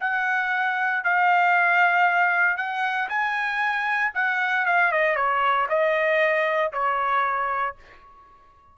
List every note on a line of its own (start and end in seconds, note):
0.00 1.03 F#5
1.03 2.57 F5
2.57 3.08 F#5
3.09 4.12 G#5
4.14 4.65 F#5
4.66 4.91 F5
4.91 5.16 D#5
5.16 5.67 C#5
5.68 6.72 D#5
6.72 7.76 C#5